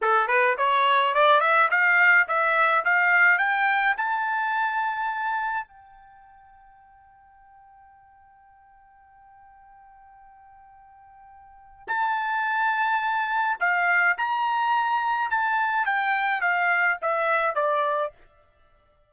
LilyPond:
\new Staff \with { instrumentName = "trumpet" } { \time 4/4 \tempo 4 = 106 a'8 b'8 cis''4 d''8 e''8 f''4 | e''4 f''4 g''4 a''4~ | a''2 g''2~ | g''1~ |
g''1~ | g''4 a''2. | f''4 ais''2 a''4 | g''4 f''4 e''4 d''4 | }